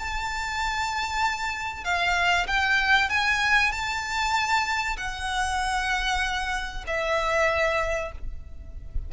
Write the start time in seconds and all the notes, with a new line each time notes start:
0.00 A5
1.85 F5
2.48 G5
3.10 G#5
3.72 A5
4.97 F#5
6.88 E5